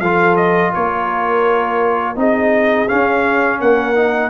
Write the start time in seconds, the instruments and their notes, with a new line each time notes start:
0.00 tuba F3, trombone F4, horn A4, trumpet F5
0.36 trumpet D#5
0.73 tuba A#3, horn A#4, trumpet C#5
2.15 tuba C4, trombone D#4, horn G#4, trumpet D#5
2.88 trombone C#4, tuba C#4, trumpet F5
3.59 tuba A#3, horn A#4, trumpet F#5
3.95 trombone D#4